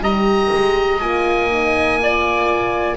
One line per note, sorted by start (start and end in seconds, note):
0.00 0.49 G3
0.00 1.01 G4
0.00 2.00 D#5
0.00 1.01 A#5
0.53 1.02 G#3
1.01 2.97 A#3
1.01 1.50 F4
1.01 2.97 G#5
1.50 1.99 D#4
1.99 2.97 F4
1.99 2.97 D5